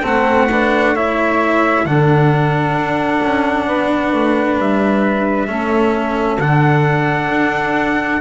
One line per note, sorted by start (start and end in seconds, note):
0.00 1.85 A3
0.00 0.48 C4
0.00 0.45 A4
0.06 0.96 F#5
0.50 0.95 D4
0.50 0.93 B4
0.93 1.86 E4
0.93 1.84 C#5
0.93 1.86 E5
1.85 2.75 D3
1.85 5.47 D4
1.85 3.66 A4
1.85 4.59 F#5
2.75 3.20 D4
3.22 3.67 C#4
3.66 4.13 B3
3.66 5.48 B4
4.13 4.58 A3
4.58 5.48 G3
4.58 6.40 E5
5.47 6.38 A3
5.47 6.38 C#4
5.47 8.21 A4
6.38 7.29 D3
6.38 8.21 D4
6.38 8.21 F#5
7.29 8.20 D4